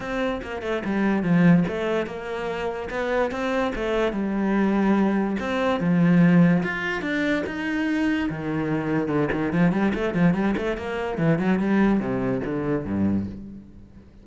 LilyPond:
\new Staff \with { instrumentName = "cello" } { \time 4/4 \tempo 4 = 145 c'4 ais8 a8 g4 f4 | a4 ais2 b4 | c'4 a4 g2~ | g4 c'4 f2 |
f'4 d'4 dis'2 | dis2 d8 dis8 f8 g8 | a8 f8 g8 a8 ais4 e8 fis8 | g4 c4 d4 g,4 | }